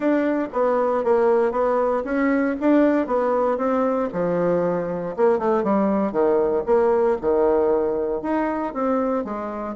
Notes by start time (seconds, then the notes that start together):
0.00 D4
0.53 B3
1.03 A#3
1.51 B3
2.04 C#4
2.60 D4
3.07 B3
3.57 C4
4.13 F3
5.16 A#3
5.38 A3
5.63 G3
6.12 D#3
6.65 A#3
7.21 D#3
8.22 D#4
8.73 C4
9.24 G#3